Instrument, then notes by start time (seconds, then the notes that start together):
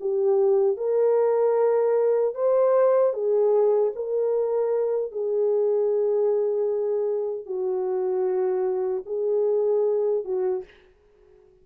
horn
0.00 G4
0.77 A#4
2.35 C5
3.13 G#4
3.95 A#4
5.12 G#4
7.46 F#4
9.06 G#4
10.25 F#4